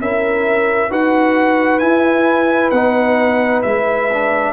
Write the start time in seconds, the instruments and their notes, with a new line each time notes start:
0.00 tuba C#4, trombone E4, horn A#4, trumpet E5
0.89 tuba D#4, trombone F#4, horn B4, trumpet F#5
1.79 trombone E4, tuba E4, trumpet G#5
2.70 tuba B3, trombone D#4, trumpet F#5
3.62 tuba G#3, trombone E4, trumpet E5
4.12 trombone D4